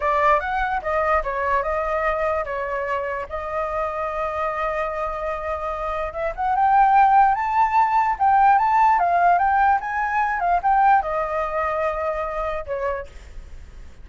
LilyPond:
\new Staff \with { instrumentName = "flute" } { \time 4/4 \tempo 4 = 147 d''4 fis''4 dis''4 cis''4 | dis''2 cis''2 | dis''1~ | dis''2. e''8 fis''8 |
g''2 a''2 | g''4 a''4 f''4 g''4 | gis''4. f''8 g''4 dis''4~ | dis''2. cis''4 | }